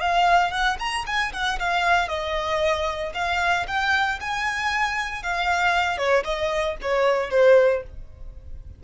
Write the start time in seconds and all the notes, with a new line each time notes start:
0.00 F5
0.50 F#5
0.79 A#5
1.06 G#5
1.32 F#5
1.59 F5
2.08 D#5
3.14 F5
3.67 G5
4.20 G#5
5.23 F5
5.97 C#5
6.24 D#5
6.81 C#5
7.30 C5